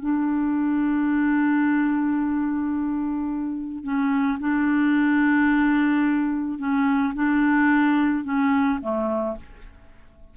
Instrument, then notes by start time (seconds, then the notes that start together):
clarinet
0.00 D4
3.83 C#4
4.40 D4
6.59 C#4
7.15 D4
8.24 C#4
8.81 A3